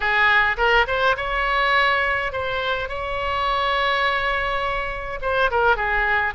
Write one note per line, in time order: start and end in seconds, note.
0.00 0.56 G#4
0.57 0.85 A#4
0.87 1.16 C5
1.17 2.32 C#5
2.32 2.88 C5
2.88 5.19 C#5
5.21 5.50 C5
5.50 5.76 A#4
5.76 6.34 G#4